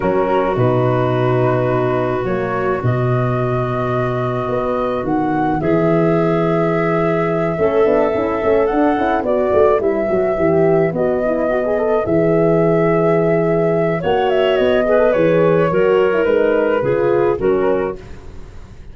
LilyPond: <<
  \new Staff \with { instrumentName = "flute" } { \time 4/4 \tempo 4 = 107 ais'4 b'2. | cis''4 dis''2.~ | dis''4 fis''4 e''2~ | e''2.~ e''8 fis''8~ |
fis''8 d''4 e''2 dis''8~ | dis''4. e''2~ e''8~ | e''4 fis''8 e''8 dis''4 cis''4~ | cis''4 b'2 ais'4 | }
  \new Staff \with { instrumentName = "clarinet" } { \time 4/4 fis'1~ | fis'1~ | fis'2 gis'2~ | gis'4. a'2~ a'8~ |
a'8 b'2.~ b'8~ | b'1~ | b'4 cis''4. b'4. | ais'2 gis'4 fis'4 | }
  \new Staff \with { instrumentName = "horn" } { \time 4/4 cis'4 dis'2. | ais4 b2.~ | b1~ | b4. cis'8 d'8 e'8 cis'8 d'8 |
e'8 fis'4 e'8 fis'8 g'4 fis'8 | e'8 fis'16 gis'16 a'8 gis'2~ gis'8~ | gis'4 fis'4. gis'16 a'16 gis'4 | fis'8. e'16 dis'4 f'4 cis'4 | }
  \new Staff \with { instrumentName = "tuba" } { \time 4/4 fis4 b,2. | fis4 b,2. | b4 dis4 e2~ | e4. a8 b8 cis'8 a8 d'8 |
cis'8 b8 a8 g8 fis8 e4 b8~ | b4. e2~ e8~ | e4 ais4 b4 e4 | fis4 gis4 cis4 fis4 | }
>>